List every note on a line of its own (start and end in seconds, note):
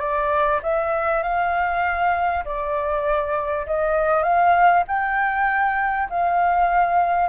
0.00 0.61 D5
0.63 1.23 E5
1.23 2.44 F5
2.45 3.66 D5
3.67 4.23 D#5
4.23 4.84 F5
4.88 6.09 G5
6.10 7.29 F5